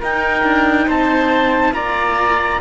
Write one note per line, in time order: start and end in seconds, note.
0.00 0.44 D#4
0.00 1.73 D#4
0.00 0.87 A#4
0.00 0.90 G5
0.44 0.87 D4
0.87 1.73 C4
0.87 1.74 C5
0.87 1.74 A5
1.73 2.60 A#3
1.73 2.60 F4
1.73 2.61 D5
1.73 2.61 A#5